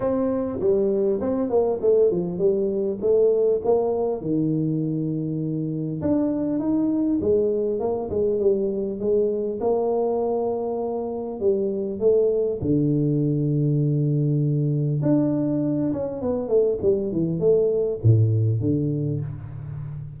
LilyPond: \new Staff \with { instrumentName = "tuba" } { \time 4/4 \tempo 4 = 100 c'4 g4 c'8 ais8 a8 f8 | g4 a4 ais4 dis4~ | dis2 d'4 dis'4 | gis4 ais8 gis8 g4 gis4 |
ais2. g4 | a4 d2.~ | d4 d'4. cis'8 b8 a8 | g8 e8 a4 a,4 d4 | }